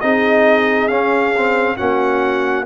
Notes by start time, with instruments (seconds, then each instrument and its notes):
0.00 tuba C4, trombone D#4, horn G#4, trumpet D#5
0.88 tuba C#4, trombone C#4, trumpet F5
1.36 trombone C4
1.76 tuba A#3, trombone C#4, horn F#4, trumpet F#5